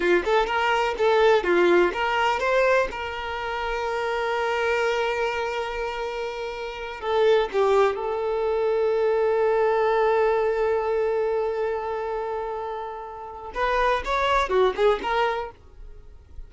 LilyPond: \new Staff \with { instrumentName = "violin" } { \time 4/4 \tempo 4 = 124 f'8 a'8 ais'4 a'4 f'4 | ais'4 c''4 ais'2~ | ais'1~ | ais'2~ ais'8 a'4 g'8~ |
g'8 a'2.~ a'8~ | a'1~ | a'1 | b'4 cis''4 fis'8 gis'8 ais'4 | }